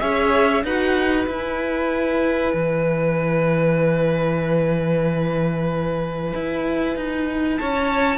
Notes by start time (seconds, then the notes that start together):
0.00 C#4 G#4 C#5 E5
0.63 D#4 F#4 B4 F#5
1.27 E4 G#5
2.54 E3
6.34 E4
6.96 D#4
7.58 C#4 C#5 A5